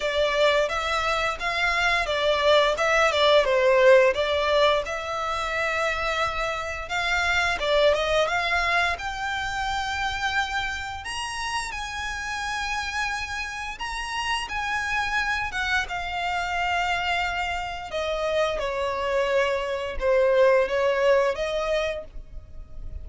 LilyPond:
\new Staff \with { instrumentName = "violin" } { \time 4/4 \tempo 4 = 87 d''4 e''4 f''4 d''4 | e''8 d''8 c''4 d''4 e''4~ | e''2 f''4 d''8 dis''8 | f''4 g''2. |
ais''4 gis''2. | ais''4 gis''4. fis''8 f''4~ | f''2 dis''4 cis''4~ | cis''4 c''4 cis''4 dis''4 | }